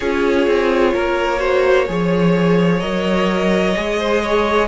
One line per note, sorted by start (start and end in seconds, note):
0.00 0.46 C#4
0.00 1.38 F4
0.00 0.93 G#4
0.00 2.80 C#5
0.46 0.93 C4
0.93 1.88 A#3
0.93 1.38 A#4
1.38 1.85 F#4
1.38 1.85 C5
1.88 2.82 F3
1.88 2.80 G#4
1.88 3.98 C#5
2.80 3.75 F#3
2.80 3.74 A#4
2.80 4.67 D#5
3.75 4.67 G#3
3.75 4.67 G#4
3.98 4.22 C5
4.22 4.67 C#5